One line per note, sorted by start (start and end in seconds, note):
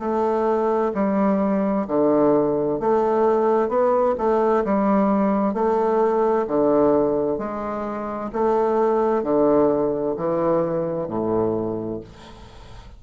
0.00 0.92 A3
0.95 1.87 G3
1.88 2.80 D3
2.80 3.69 A3
3.69 4.15 B3
4.18 4.64 A3
4.65 5.54 G3
5.54 6.47 A3
6.48 7.39 D3
7.39 8.31 G#3
8.33 9.23 A3
9.23 10.16 D3
10.17 11.08 E3
11.08 12.00 A2